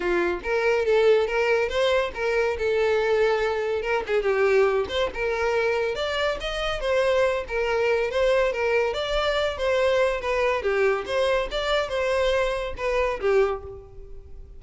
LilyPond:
\new Staff \with { instrumentName = "violin" } { \time 4/4 \tempo 4 = 141 f'4 ais'4 a'4 ais'4 | c''4 ais'4 a'2~ | a'4 ais'8 gis'8 g'4. c''8 | ais'2 d''4 dis''4 |
c''4. ais'4. c''4 | ais'4 d''4. c''4. | b'4 g'4 c''4 d''4 | c''2 b'4 g'4 | }